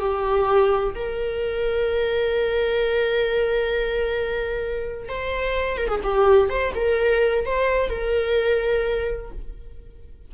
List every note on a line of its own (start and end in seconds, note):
0.00 0.94 G4
0.95 5.09 A#4
5.09 5.78 C5
5.78 5.88 A#4
5.88 6.00 G#4
6.04 6.50 G4
6.50 6.73 C5
6.75 7.46 A#4
7.46 7.89 C5
7.89 9.31 A#4